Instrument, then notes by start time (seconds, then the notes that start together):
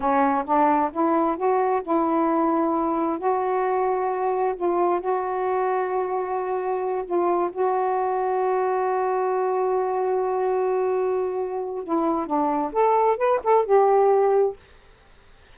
saxophone
0.00 C#4
0.45 D4
0.92 E4
1.36 F#4
1.82 E4
3.18 F#4
4.56 F4
5.00 F#4
7.05 F4
7.52 F#4
11.84 E4
12.26 D4
12.72 A4
13.17 B4
13.43 A4
13.65 G4